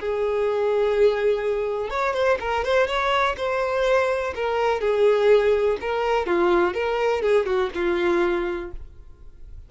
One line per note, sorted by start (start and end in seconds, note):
0.00 1.90 G#4
1.90 2.14 C#5
2.14 2.38 C5
2.40 2.64 A#4
2.64 2.87 C5
2.87 3.36 C#5
3.37 4.34 C5
4.35 4.81 A#4
4.81 5.78 G#4
5.81 6.27 A#4
6.27 6.74 F4
6.74 7.22 A#4
7.22 7.46 G#4
7.46 7.70 F#4
7.75 8.71 F4